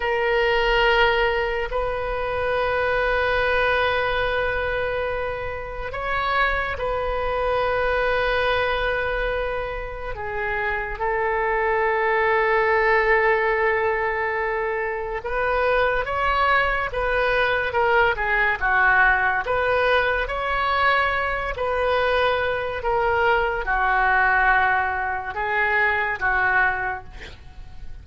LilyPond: \new Staff \with { instrumentName = "oboe" } { \time 4/4 \tempo 4 = 71 ais'2 b'2~ | b'2. cis''4 | b'1 | gis'4 a'2.~ |
a'2 b'4 cis''4 | b'4 ais'8 gis'8 fis'4 b'4 | cis''4. b'4. ais'4 | fis'2 gis'4 fis'4 | }